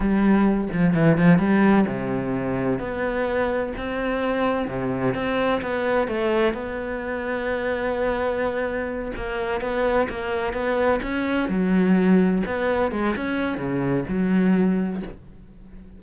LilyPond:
\new Staff \with { instrumentName = "cello" } { \time 4/4 \tempo 4 = 128 g4. f8 e8 f8 g4 | c2 b2 | c'2 c4 c'4 | b4 a4 b2~ |
b2.~ b8 ais8~ | ais8 b4 ais4 b4 cis'8~ | cis'8 fis2 b4 gis8 | cis'4 cis4 fis2 | }